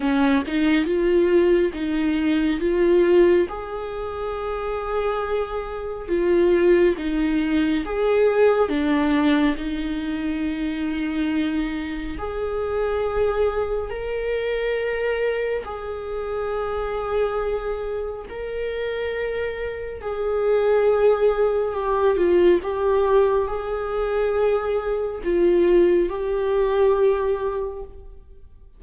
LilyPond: \new Staff \with { instrumentName = "viola" } { \time 4/4 \tempo 4 = 69 cis'8 dis'8 f'4 dis'4 f'4 | gis'2. f'4 | dis'4 gis'4 d'4 dis'4~ | dis'2 gis'2 |
ais'2 gis'2~ | gis'4 ais'2 gis'4~ | gis'4 g'8 f'8 g'4 gis'4~ | gis'4 f'4 g'2 | }